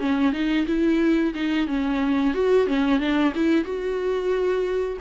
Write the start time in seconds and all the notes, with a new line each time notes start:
0.00 C#4
0.33 D#4
0.67 E4
1.35 D#4
1.68 C#4
2.34 F#4
2.67 C#4
3.00 D4
3.35 E4
3.65 F#4